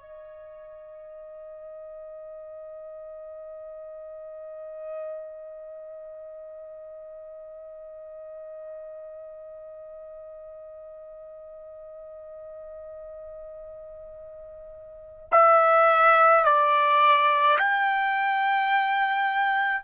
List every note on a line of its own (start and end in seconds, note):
0.00 15.28 D#5
15.31 16.45 E5
16.45 17.58 D5
17.59 19.84 G5